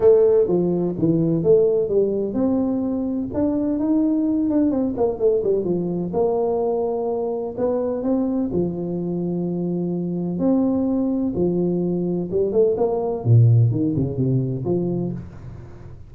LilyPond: \new Staff \with { instrumentName = "tuba" } { \time 4/4 \tempo 4 = 127 a4 f4 e4 a4 | g4 c'2 d'4 | dis'4. d'8 c'8 ais8 a8 g8 | f4 ais2. |
b4 c'4 f2~ | f2 c'2 | f2 g8 a8 ais4 | ais,4 dis8 cis8 c4 f4 | }